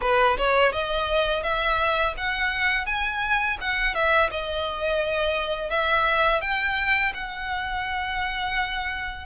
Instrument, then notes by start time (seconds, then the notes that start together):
violin
0.01 B4
0.37 C#5
0.72 D#5
1.43 E5
2.17 F#5
2.86 G#5
3.60 F#5
3.94 E5
4.31 D#5
5.70 E5
6.41 G5
7.14 F#5